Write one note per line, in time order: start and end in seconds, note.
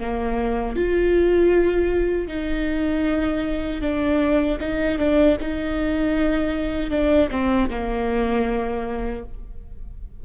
0.00 0.77 A#3
0.77 2.28 F4
2.28 3.82 D#4
3.82 4.59 D4
4.61 4.99 D#4
4.99 5.37 D4
5.41 6.91 D#4
6.91 7.29 D4
7.31 7.70 C4
7.70 9.24 A#3